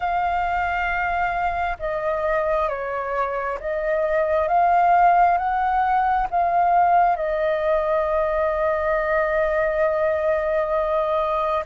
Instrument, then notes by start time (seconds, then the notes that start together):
flute
0.00 F5
1.79 D#5
2.69 C#5
3.60 D#5
4.48 F5
5.37 F#5
6.30 F5
7.16 D#5